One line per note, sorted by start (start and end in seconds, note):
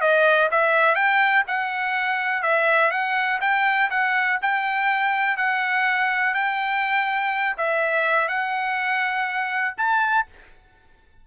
0.00 0.49 D#5
0.51 0.94 E5
0.94 1.43 G5
1.47 2.42 F#5
2.42 2.90 E5
2.90 3.39 F#5
3.40 3.89 G5
3.90 4.39 F#5
4.41 5.36 G5
5.36 6.34 F#5
6.34 7.56 G5
7.57 8.28 E5
8.28 9.74 F#5
9.77 10.26 A5